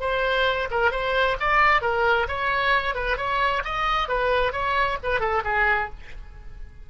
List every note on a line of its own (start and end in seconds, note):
0.00 0.68 C5
0.71 0.91 A#4
0.91 1.37 C5
1.40 1.82 D5
1.82 2.27 A#4
2.28 2.95 C#5
2.95 3.17 B4
3.17 3.63 C#5
3.64 4.08 D#5
4.08 4.52 B4
4.52 4.98 C#5
5.03 5.20 B4
5.20 5.43 A4
5.44 5.90 G#4